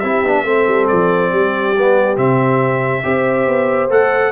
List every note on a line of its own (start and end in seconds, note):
0.00 0.24 C4
0.00 0.26 E4
0.00 0.45 G4
0.00 0.86 E5
0.24 0.44 B3
0.24 0.46 D4
0.44 0.65 A3
0.44 1.75 C4
0.44 1.32 A4
0.67 0.89 G3
0.88 1.32 F3
0.88 2.17 D5
1.32 2.17 G3
1.32 3.04 G4
1.78 2.17 B3
2.17 3.04 C3
2.17 3.04 C4
2.17 3.90 E5
3.04 3.47 C4
3.04 3.90 G4
3.04 4.33 C5
3.47 3.90 B3
3.90 4.33 A3
3.90 4.33 A4
3.90 4.33 F#5